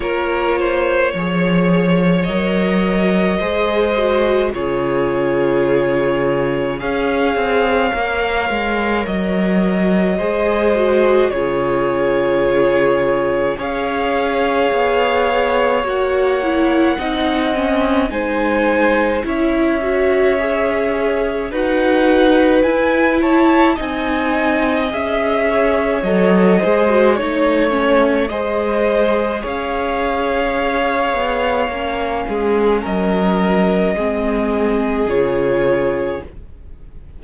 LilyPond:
<<
  \new Staff \with { instrumentName = "violin" } { \time 4/4 \tempo 4 = 53 cis''2 dis''2 | cis''2 f''2 | dis''2 cis''2 | f''2 fis''2 |
gis''4 e''2 fis''4 | gis''8 a''8 gis''4 e''4 dis''4 | cis''4 dis''4 f''2~ | f''4 dis''2 cis''4 | }
  \new Staff \with { instrumentName = "violin" } { \time 4/4 ais'8 c''8 cis''2 c''4 | gis'2 cis''2~ | cis''4 c''4 gis'2 | cis''2. dis''4 |
c''4 cis''2 b'4~ | b'8 cis''8 dis''4. cis''4 c''8 | cis''4 c''4 cis''2~ | cis''8 gis'8 ais'4 gis'2 | }
  \new Staff \with { instrumentName = "viola" } { \time 4/4 f'4 gis'4 ais'4 gis'8 fis'8 | f'2 gis'4 ais'4~ | ais'4 gis'8 fis'8 f'2 | gis'2 fis'8 e'8 dis'8 cis'8 |
dis'4 e'8 fis'8 gis'4 fis'4 | e'4 dis'4 gis'4 a'8 gis'16 fis'16 | dis'8 cis'8 gis'2. | cis'2 c'4 f'4 | }
  \new Staff \with { instrumentName = "cello" } { \time 4/4 ais4 f4 fis4 gis4 | cis2 cis'8 c'8 ais8 gis8 | fis4 gis4 cis2 | cis'4 b4 ais4 c'4 |
gis4 cis'2 dis'4 | e'4 c'4 cis'4 fis8 gis8 | a4 gis4 cis'4. b8 | ais8 gis8 fis4 gis4 cis4 | }
>>